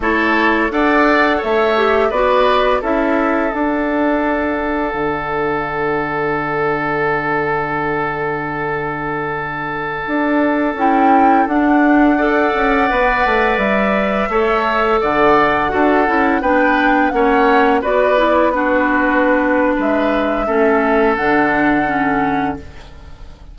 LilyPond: <<
  \new Staff \with { instrumentName = "flute" } { \time 4/4 \tempo 4 = 85 cis''4 fis''4 e''4 d''4 | e''4 fis''2.~ | fis''1~ | fis''2.~ fis''16 g''8.~ |
g''16 fis''2. e''8.~ | e''4~ e''16 fis''2 g''8.~ | g''16 fis''4 d''4 b'4.~ b'16 | e''2 fis''2 | }
  \new Staff \with { instrumentName = "oboe" } { \time 4/4 a'4 d''4 cis''4 b'4 | a'1~ | a'1~ | a'1~ |
a'4~ a'16 d''2~ d''8.~ | d''16 cis''4 d''4 a'4 b'8.~ | b'16 cis''4 b'4 fis'4.~ fis'16 | b'4 a'2. | }
  \new Staff \with { instrumentName = "clarinet" } { \time 4/4 e'4 a'4. g'8 fis'4 | e'4 d'2.~ | d'1~ | d'2.~ d'16 e'8.~ |
e'16 d'4 a'4 b'4.~ b'16~ | b'16 a'2 fis'8 e'8 d'8.~ | d'16 cis'4 fis'8 e'8 d'4.~ d'16~ | d'4 cis'4 d'4 cis'4 | }
  \new Staff \with { instrumentName = "bassoon" } { \time 4/4 a4 d'4 a4 b4 | cis'4 d'2 d4~ | d1~ | d2~ d16 d'4 cis'8.~ |
cis'16 d'4. cis'8 b8 a8 g8.~ | g16 a4 d4 d'8 cis'8 b8.~ | b16 ais4 b2~ b8. | gis4 a4 d2 | }
>>